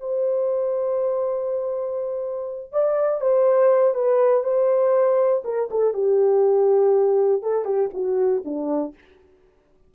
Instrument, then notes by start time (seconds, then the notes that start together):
horn
0.00 C5
2.72 D5
3.21 C5
3.94 B4
4.44 C5
5.45 A#4
5.71 A4
5.94 G4
7.42 A4
7.65 G4
7.93 F#4
8.45 D4